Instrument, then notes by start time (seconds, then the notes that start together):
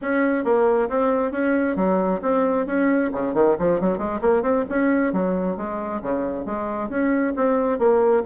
bassoon
0.01 C#4
0.44 A#3
0.89 C4
1.31 C#4
1.76 F#3
2.22 C4
2.66 C#4
3.12 C#3
3.34 D#3
3.58 F3
3.80 F#3
3.97 G#3
4.21 A#3
4.42 C4
4.69 C#4
5.12 F#3
5.57 G#3
6.01 C#3
6.45 G#3
6.89 C#4
7.36 C4
7.78 A#3